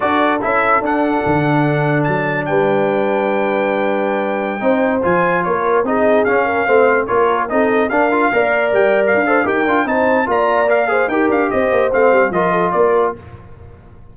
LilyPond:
<<
  \new Staff \with { instrumentName = "trumpet" } { \time 4/4 \tempo 4 = 146 d''4 e''4 fis''2~ | fis''4 a''4 g''2~ | g''1~ | g''16 gis''4 cis''4 dis''4 f''8.~ |
f''4~ f''16 cis''4 dis''4 f''8.~ | f''4~ f''16 g''8. f''4 g''4 | a''4 ais''4 f''4 g''8 f''8 | dis''4 f''4 dis''4 d''4 | }
  \new Staff \with { instrumentName = "horn" } { \time 4/4 a'1~ | a'2 b'2~ | b'2.~ b'16 c''8.~ | c''4~ c''16 ais'4 gis'4. ais'16~ |
ais'16 c''4 ais'4 a'4 ais'8.~ | ais'16 d''2~ d''16 c''8 ais'4 | c''4 d''4. c''8 ais'4 | c''2 ais'8 a'8 ais'4 | }
  \new Staff \with { instrumentName = "trombone" } { \time 4/4 fis'4 e'4 d'2~ | d'1~ | d'2.~ d'16 dis'8.~ | dis'16 f'2 dis'4 cis'8.~ |
cis'16 c'4 f'4 dis'4 d'8 f'16~ | f'16 ais'2~ ais'16 a'8 g'8 f'8 | dis'4 f'4 ais'8 gis'8 g'4~ | g'4 c'4 f'2 | }
  \new Staff \with { instrumentName = "tuba" } { \time 4/4 d'4 cis'4 d'4 d4~ | d4 fis4 g2~ | g2.~ g16 c'8.~ | c'16 f4 ais4 c'4 cis'8.~ |
cis'16 a4 ais4 c'4 d'8.~ | d'16 ais4 g4 d'8. dis'8 d'8 | c'4 ais2 dis'8 d'8 | c'8 ais8 a8 g8 f4 ais4 | }
>>